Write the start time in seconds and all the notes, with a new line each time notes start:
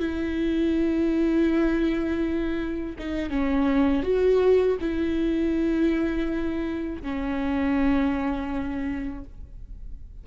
0.00 E4
2.99 D#4
3.30 C#4
4.03 F#4
4.81 E4
7.02 C#4